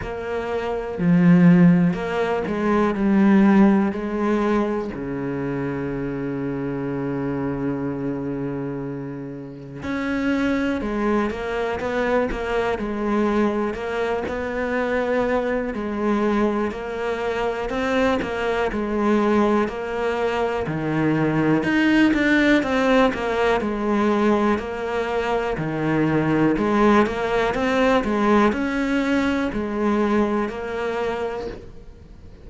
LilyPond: \new Staff \with { instrumentName = "cello" } { \time 4/4 \tempo 4 = 61 ais4 f4 ais8 gis8 g4 | gis4 cis2.~ | cis2 cis'4 gis8 ais8 | b8 ais8 gis4 ais8 b4. |
gis4 ais4 c'8 ais8 gis4 | ais4 dis4 dis'8 d'8 c'8 ais8 | gis4 ais4 dis4 gis8 ais8 | c'8 gis8 cis'4 gis4 ais4 | }